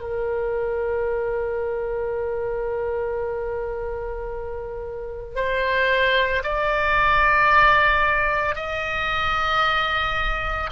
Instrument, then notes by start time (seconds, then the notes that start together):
oboe
0.00 A#4
5.36 C5
6.43 D5
8.55 D#5